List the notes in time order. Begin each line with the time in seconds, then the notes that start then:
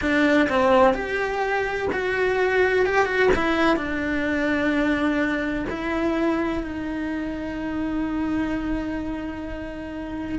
0.01 D4
0.49 C4
0.94 G4
1.92 F#4
2.85 G4
3.05 F#4
3.35 E4
3.76 D4
5.69 E4
6.63 D#4